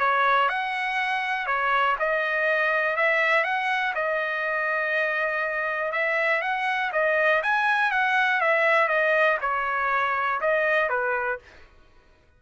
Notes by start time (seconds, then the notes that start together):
0.00 C#5
0.49 F#5
1.47 C#5
1.99 D#5
2.97 E5
3.44 F#5
3.95 D#5
5.92 E5
6.42 F#5
6.92 D#5
7.43 G#5
7.91 F#5
8.41 E5
8.88 D#5
9.41 C#5
10.41 D#5
10.89 B4